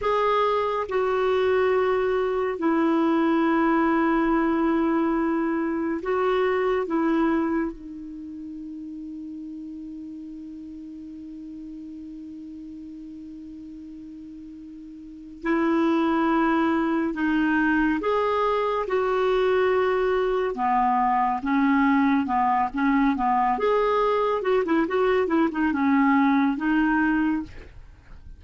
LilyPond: \new Staff \with { instrumentName = "clarinet" } { \time 4/4 \tempo 4 = 70 gis'4 fis'2 e'4~ | e'2. fis'4 | e'4 dis'2.~ | dis'1~ |
dis'2 e'2 | dis'4 gis'4 fis'2 | b4 cis'4 b8 cis'8 b8 gis'8~ | gis'8 fis'16 e'16 fis'8 e'16 dis'16 cis'4 dis'4 | }